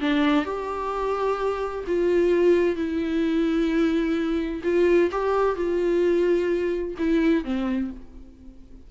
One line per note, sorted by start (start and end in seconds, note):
0.00 0.45 D4
0.45 1.84 G4
1.87 2.75 F4
2.75 4.62 E4
4.63 5.10 F4
5.11 5.55 G4
5.55 6.95 F4
6.98 7.44 E4
7.44 7.90 C4